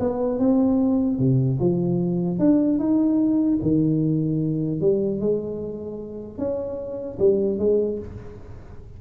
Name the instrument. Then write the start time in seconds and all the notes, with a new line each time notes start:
tuba
0.00 B3
0.39 C4
1.19 C3
1.60 F3
2.39 D4
2.79 D#4
3.62 D#3
4.81 G3
5.21 G#3
6.39 C#4
7.19 G3
7.59 G#3